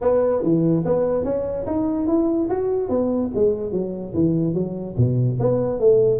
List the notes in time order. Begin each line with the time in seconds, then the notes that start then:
0.01 B3
0.43 E3
0.85 B3
1.24 C#4
1.66 D#4
2.07 E4
2.49 F#4
2.89 B3
3.34 G#3
3.72 F#3
4.14 E3
4.54 F#3
4.97 B2
5.39 B3
5.79 A3